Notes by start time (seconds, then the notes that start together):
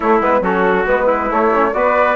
0.00 A3 E4 C#5
0.21 G#3 B3 B4
0.40 F#3 C#4 F#4 A4
0.85 G#3 B3 B4
1.06 E4
1.30 A3 C#5
1.52 C#4
1.73 B3 F#4 B4 D5